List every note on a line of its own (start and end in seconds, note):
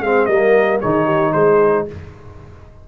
0.00 0.26 G#3
0.00 0.30 C4
0.00 0.26 G#4
0.00 0.25 F5
0.25 0.80 G3
0.25 0.82 A#3
0.25 0.79 A#4
0.25 0.78 D#5
0.80 1.34 D#3
0.80 1.87 D#4
0.80 1.05 G#4
0.80 1.32 C#5
1.05 1.31 G4
1.32 1.87 G#3
1.32 1.86 G#4
1.32 1.85 C5